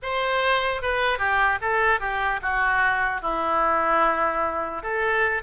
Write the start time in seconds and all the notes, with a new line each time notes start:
0.02 C5
0.82 B4
1.18 G4
1.61 A4
2.00 G4
2.42 F#4
3.21 E4
4.82 A4